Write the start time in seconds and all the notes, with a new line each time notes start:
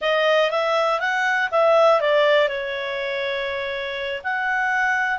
0.01 D#5
0.50 E5
1.00 F#5
1.51 E5
2.00 D5
2.48 C#5
4.23 F#5